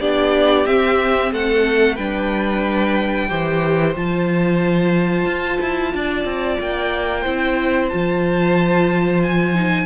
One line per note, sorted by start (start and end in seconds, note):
0.00 0.66 B3
0.00 0.66 D4
0.00 1.32 G4
0.00 0.66 D5
0.66 1.98 C4
0.66 1.32 C4
0.66 1.32 E5
1.32 1.98 A3
1.32 1.95 A4
1.32 1.96 F#5
1.95 3.30 G3
1.95 3.29 D4
1.95 3.27 B4
1.95 3.94 G5
3.29 3.96 E3
3.29 3.95 G4
3.29 5.93 C5
3.96 5.25 F3
3.96 7.25 F4
3.96 6.61 A5
5.25 5.58 F4
5.61 5.94 E4
5.94 6.25 D4
5.94 7.21 D5
6.25 6.58 C4
6.60 7.26 A#3
6.60 7.89 G5
7.21 7.91 C4
7.21 7.90 E4
7.21 9.85 C5
7.89 9.86 F3
7.89 9.55 F4
7.89 9.21 A5
9.23 9.86 G#5
9.55 9.86 D#4